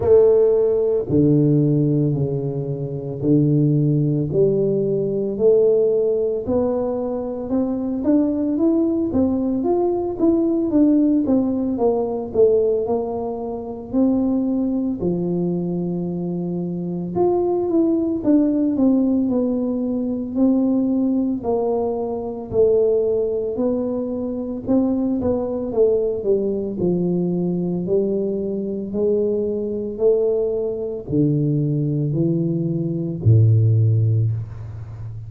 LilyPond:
\new Staff \with { instrumentName = "tuba" } { \time 4/4 \tempo 4 = 56 a4 d4 cis4 d4 | g4 a4 b4 c'8 d'8 | e'8 c'8 f'8 e'8 d'8 c'8 ais8 a8 | ais4 c'4 f2 |
f'8 e'8 d'8 c'8 b4 c'4 | ais4 a4 b4 c'8 b8 | a8 g8 f4 g4 gis4 | a4 d4 e4 a,4 | }